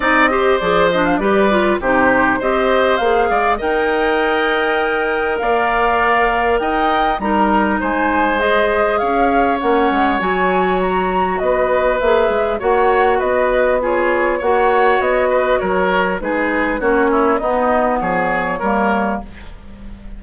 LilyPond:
<<
  \new Staff \with { instrumentName = "flute" } { \time 4/4 \tempo 4 = 100 dis''4 d''8 dis''16 f''16 d''4 c''4 | dis''4 f''4 g''2~ | g''4 f''2 g''4 | ais''4 gis''4 dis''4 f''4 |
fis''4 gis''4 ais''4 dis''4 | e''4 fis''4 dis''4 cis''4 | fis''4 dis''4 cis''4 b'4 | cis''4 dis''4 cis''2 | }
  \new Staff \with { instrumentName = "oboe" } { \time 4/4 d''8 c''4. b'4 g'4 | c''4. d''8 dis''2~ | dis''4 d''2 dis''4 | ais'4 c''2 cis''4~ |
cis''2. b'4~ | b'4 cis''4 b'4 gis'4 | cis''4. b'8 ais'4 gis'4 | fis'8 e'8 dis'4 gis'4 ais'4 | }
  \new Staff \with { instrumentName = "clarinet" } { \time 4/4 dis'8 g'8 gis'8 d'8 g'8 f'8 dis'4 | g'4 gis'4 ais'2~ | ais'1 | dis'2 gis'2 |
cis'4 fis'2. | gis'4 fis'2 f'4 | fis'2. dis'4 | cis'4 b2 ais4 | }
  \new Staff \with { instrumentName = "bassoon" } { \time 4/4 c'4 f4 g4 c4 | c'4 ais8 gis8 dis'2~ | dis'4 ais2 dis'4 | g4 gis2 cis'4 |
ais8 gis8 fis2 b4 | ais8 gis8 ais4 b2 | ais4 b4 fis4 gis4 | ais4 b4 f4 g4 | }
>>